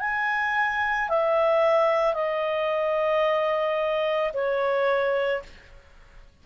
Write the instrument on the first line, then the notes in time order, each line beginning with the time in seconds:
clarinet
0.00 G#5
1.09 E5
2.14 D#5
4.33 C#5